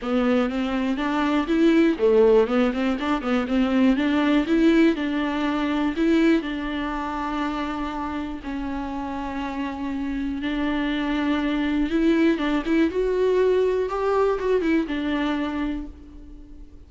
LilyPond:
\new Staff \with { instrumentName = "viola" } { \time 4/4 \tempo 4 = 121 b4 c'4 d'4 e'4 | a4 b8 c'8 d'8 b8 c'4 | d'4 e'4 d'2 | e'4 d'2.~ |
d'4 cis'2.~ | cis'4 d'2. | e'4 d'8 e'8 fis'2 | g'4 fis'8 e'8 d'2 | }